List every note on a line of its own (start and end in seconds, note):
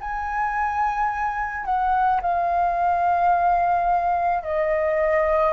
0.00 1.65 G#5
1.65 2.20 F#5
2.21 4.43 F5
4.43 5.53 D#5